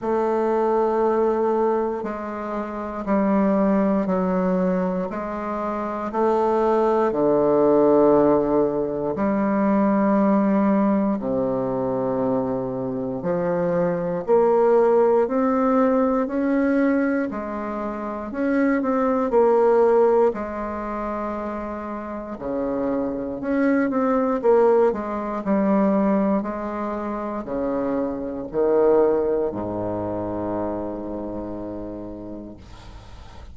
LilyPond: \new Staff \with { instrumentName = "bassoon" } { \time 4/4 \tempo 4 = 59 a2 gis4 g4 | fis4 gis4 a4 d4~ | d4 g2 c4~ | c4 f4 ais4 c'4 |
cis'4 gis4 cis'8 c'8 ais4 | gis2 cis4 cis'8 c'8 | ais8 gis8 g4 gis4 cis4 | dis4 gis,2. | }